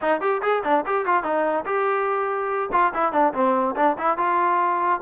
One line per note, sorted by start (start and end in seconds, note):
0.01 0.20 D#4
0.20 0.41 G4
0.42 0.63 G#4
0.64 0.84 D4
0.86 1.05 G4
1.05 1.23 F4
1.23 1.64 D#4
1.65 2.69 G4
2.72 2.92 F4
2.94 3.12 E4
3.12 3.33 D4
3.33 3.75 C4
3.75 3.96 D4
3.98 4.17 E4
4.17 5.00 F4